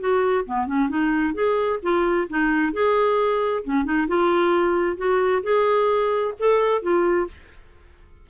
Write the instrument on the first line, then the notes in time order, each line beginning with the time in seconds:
clarinet
0.00 F#4
0.46 B3
0.67 C#4
0.89 D#4
1.35 G#4
1.83 F4
2.30 D#4
2.73 G#4
3.64 C#4
3.85 D#4
4.08 F4
4.98 F#4
5.44 G#4
6.39 A4
6.82 F4